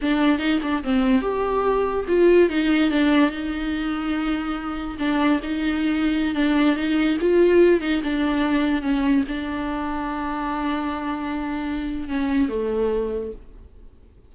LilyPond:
\new Staff \with { instrumentName = "viola" } { \time 4/4 \tempo 4 = 144 d'4 dis'8 d'8 c'4 g'4~ | g'4 f'4 dis'4 d'4 | dis'1 | d'4 dis'2~ dis'16 d'8.~ |
d'16 dis'4 f'4. dis'8 d'8.~ | d'4~ d'16 cis'4 d'4.~ d'16~ | d'1~ | d'4 cis'4 a2 | }